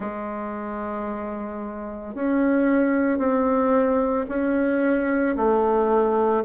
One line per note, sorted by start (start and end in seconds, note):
0.00 2.14 G#3
2.14 3.18 C#4
3.18 4.25 C4
4.29 5.36 C#4
5.36 6.43 A3